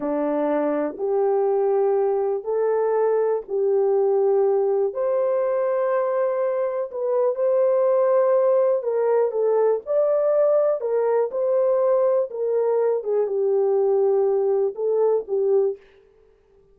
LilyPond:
\new Staff \with { instrumentName = "horn" } { \time 4/4 \tempo 4 = 122 d'2 g'2~ | g'4 a'2 g'4~ | g'2 c''2~ | c''2 b'4 c''4~ |
c''2 ais'4 a'4 | d''2 ais'4 c''4~ | c''4 ais'4. gis'8 g'4~ | g'2 a'4 g'4 | }